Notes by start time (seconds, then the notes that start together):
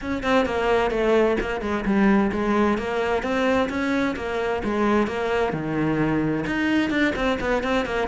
0.01 C#4
0.23 C4
0.45 A#3
0.90 A3
1.40 A#3
1.61 G#3
1.85 G3
2.32 G#3
2.77 A#3
3.22 C4
3.69 C#4
4.16 A#3
4.63 G#3
5.07 A#3
5.52 D#3
6.46 D#4
6.90 D4
7.15 C4
7.40 B3
7.63 C4
7.85 A#3